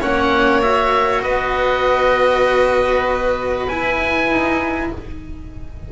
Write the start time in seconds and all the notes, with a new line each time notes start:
0.00 A#3 C#4 C#5 F#5
0.62 F#4 E5
1.22 B3 B4 D#5
3.68 E4 G#5
4.30 D#4